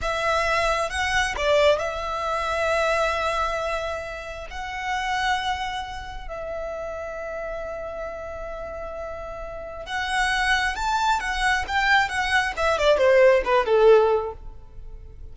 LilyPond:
\new Staff \with { instrumentName = "violin" } { \time 4/4 \tempo 4 = 134 e''2 fis''4 d''4 | e''1~ | e''2 fis''2~ | fis''2 e''2~ |
e''1~ | e''2 fis''2 | a''4 fis''4 g''4 fis''4 | e''8 d''8 c''4 b'8 a'4. | }